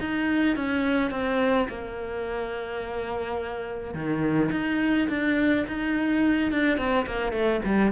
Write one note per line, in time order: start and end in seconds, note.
0.00 0.56 D#4
0.56 1.11 C#4
1.11 1.67 C4
1.69 3.94 A#3
3.94 4.51 D#3
4.51 5.08 D#4
5.09 5.66 D4
5.68 6.51 D#4
6.51 6.78 D4
6.78 7.06 C4
7.06 7.32 A#3
7.32 7.61 A3
7.65 7.91 G3